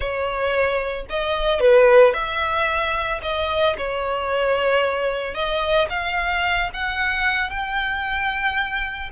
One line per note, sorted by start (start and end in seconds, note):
0.00 1.05 C#5
1.09 1.60 D#5
1.60 2.13 B4
2.13 3.20 E5
3.22 3.75 D#5
3.77 5.34 C#5
5.34 5.88 D#5
5.89 6.70 F5
6.73 7.50 F#5
7.50 9.10 G5